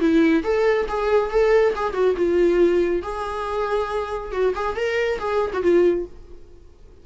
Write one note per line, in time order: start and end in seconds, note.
0.00 0.43 E4
0.44 0.87 A4
0.89 1.30 G#4
1.30 1.74 A4
1.76 1.93 G#4
1.93 2.15 F#4
2.17 3.03 F4
3.03 4.32 G#4
4.32 4.54 F#4
4.55 4.76 G#4
4.76 5.19 A#4
5.19 5.51 G#4
5.53 5.63 F#4
5.63 6.06 F4